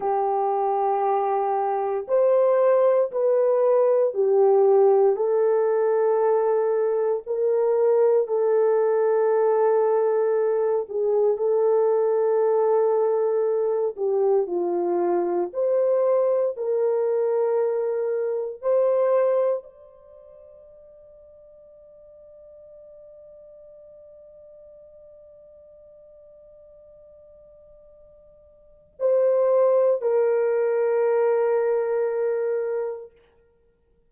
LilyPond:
\new Staff \with { instrumentName = "horn" } { \time 4/4 \tempo 4 = 58 g'2 c''4 b'4 | g'4 a'2 ais'4 | a'2~ a'8 gis'8 a'4~ | a'4. g'8 f'4 c''4 |
ais'2 c''4 d''4~ | d''1~ | d''1 | c''4 ais'2. | }